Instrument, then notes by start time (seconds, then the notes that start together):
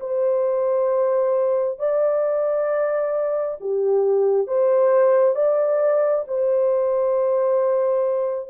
horn
0.00 C5
1.79 D5
3.61 G4
4.47 C5
5.35 D5
6.28 C5